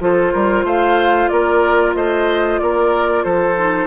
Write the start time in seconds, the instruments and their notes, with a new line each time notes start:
0.00 bassoon F3, clarinet F4, oboe A4, flute C5
0.33 bassoon G3, oboe A#4
0.64 bassoon A3, oboe C5, flute F5
1.28 bassoon A#3, oboe A#4, flute D5
1.94 bassoon A3, oboe C5, flute D#5
2.59 bassoon A#3, oboe A#4, flute D5
3.23 bassoon F3, oboe A4, flute C5
3.58 clarinet D#4